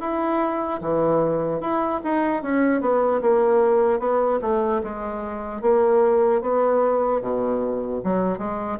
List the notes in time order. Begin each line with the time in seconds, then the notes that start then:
0.00 E4
0.81 E3
1.61 E4
2.04 D#4
2.43 C#4
2.81 B3
3.21 A#3
3.99 B3
4.41 A3
4.84 G#3
5.61 A#3
6.41 B3
7.21 B2
8.04 F#3
8.38 G#3